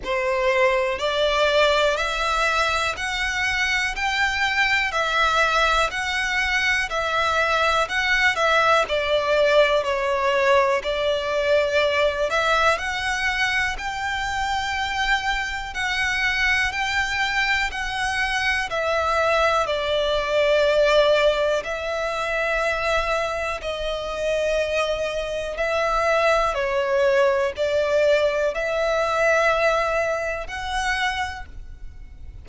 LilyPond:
\new Staff \with { instrumentName = "violin" } { \time 4/4 \tempo 4 = 61 c''4 d''4 e''4 fis''4 | g''4 e''4 fis''4 e''4 | fis''8 e''8 d''4 cis''4 d''4~ | d''8 e''8 fis''4 g''2 |
fis''4 g''4 fis''4 e''4 | d''2 e''2 | dis''2 e''4 cis''4 | d''4 e''2 fis''4 | }